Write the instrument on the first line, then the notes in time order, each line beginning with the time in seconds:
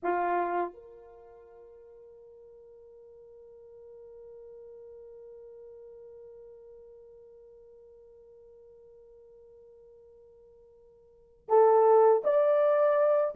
horn
0.02 F4
0.73 A#4
11.48 A4
12.24 D5